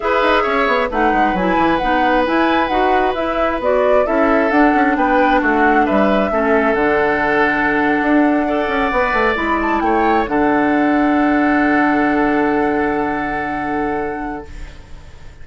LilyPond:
<<
  \new Staff \with { instrumentName = "flute" } { \time 4/4 \tempo 4 = 133 e''2 fis''4 gis''4 | fis''4 gis''4 fis''4 e''4 | d''4 e''4 fis''4 g''4 | fis''4 e''2 fis''4~ |
fis''1~ | fis''8. b''8 a''8 g''4 fis''4~ fis''16~ | fis''1~ | fis''1 | }
  \new Staff \with { instrumentName = "oboe" } { \time 4/4 b'4 cis''4 b'2~ | b'1~ | b'4 a'2 b'4 | fis'4 b'4 a'2~ |
a'2~ a'8. d''4~ d''16~ | d''4.~ d''16 cis''4 a'4~ a'16~ | a'1~ | a'1 | }
  \new Staff \with { instrumentName = "clarinet" } { \time 4/4 gis'2 dis'4 e'4 | dis'4 e'4 fis'4 e'4 | fis'4 e'4 d'2~ | d'2 cis'4 d'4~ |
d'2~ d'8. a'4 b'16~ | b'8. e'2 d'4~ d'16~ | d'1~ | d'1 | }
  \new Staff \with { instrumentName = "bassoon" } { \time 4/4 e'8 dis'8 cis'8 b8 a8 gis8 fis8 e8 | b4 e'4 dis'4 e'4 | b4 cis'4 d'8 cis'8 b4 | a4 g4 a4 d4~ |
d4.~ d16 d'4. cis'8 b16~ | b16 a8 gis4 a4 d4~ d16~ | d1~ | d1 | }
>>